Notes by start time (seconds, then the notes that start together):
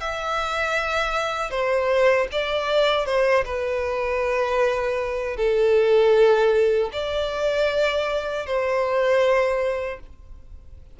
0.00 E5
1.50 C5
2.31 D5
3.06 C5
3.45 B4
5.36 A4
6.92 D5
8.46 C5